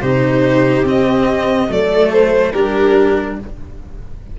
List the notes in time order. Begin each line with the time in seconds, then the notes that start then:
0.00 C3 D#4 G4 C5
0.83 C4 D#5
1.68 F#3 A3 A4 D5
2.12 C5
2.52 G3 D4 G4 A#4